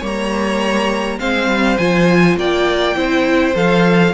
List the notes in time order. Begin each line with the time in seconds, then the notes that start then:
0.00 G3 A#3 C#5
0.07 A#5
1.20 G#3 C4 C5 F5
1.48 G3
1.78 F3 F4 G#5
2.38 A#3 D5 G5
2.96 C4 E4 C5
3.55 F3 A4 F5